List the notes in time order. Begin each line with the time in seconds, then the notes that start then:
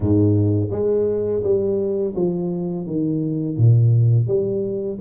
0.00 G#2
0.71 G#3
1.43 G3
2.15 F3
2.86 D#3
3.57 A#2
4.27 G3